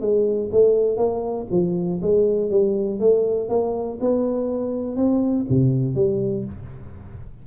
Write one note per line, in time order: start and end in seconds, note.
0.00 0.50 G#3
0.52 0.96 A3
0.96 1.46 A#3
1.51 2.00 F3
2.01 2.50 G#3
2.50 2.99 G3
2.99 3.49 A3
3.49 3.98 A#3
4.00 4.96 B3
4.96 5.45 C4
5.49 5.95 C3
5.95 6.44 G3